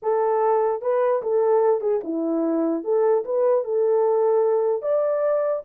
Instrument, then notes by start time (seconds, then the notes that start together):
horn
0.02 A4
0.81 B4
1.22 A4
1.80 G#4
2.03 E4
2.84 A4
3.24 B4
3.64 A4
4.82 D5